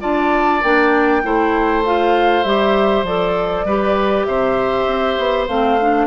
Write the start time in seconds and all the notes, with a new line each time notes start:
0.00 D4 F4 D5 A5
0.63 A#3 D4 G5
1.23 A3 E4 C5
1.85 F4 F5
2.43 G3 G4 E5
3.03 F3 A4 D5
3.64 G3 G4 B4
4.25 C3 C5 E5
4.86 C4
5.18 B3
5.47 A3 C4 F5
5.81 D4